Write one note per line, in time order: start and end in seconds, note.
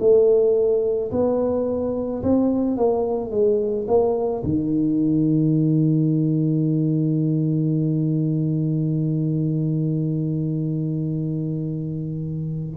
0.00 1.11 A3
1.12 2.23 B3
2.23 2.77 C4
2.77 3.31 A#3
3.31 3.87 G#3
3.88 4.43 A#3
4.44 12.77 D#3